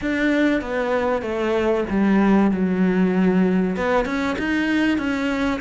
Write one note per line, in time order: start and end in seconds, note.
0.01 0.61 D4
0.61 1.22 B3
1.22 1.84 A3
1.89 2.51 G3
2.51 3.76 F#3
3.76 4.05 B3
4.05 4.36 C#4
4.38 4.97 D#4
4.97 5.60 C#4